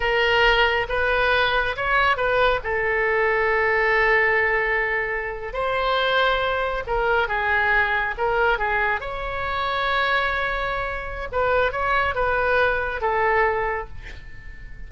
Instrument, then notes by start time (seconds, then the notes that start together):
oboe
0.00 A#4
0.89 B4
1.76 C#5
2.16 B4
2.63 A4
5.53 C5
6.86 A#4
7.28 G#4
8.17 A#4
8.58 G#4
9.00 C#5
11.32 B4
11.72 C#5
12.15 B4
13.01 A4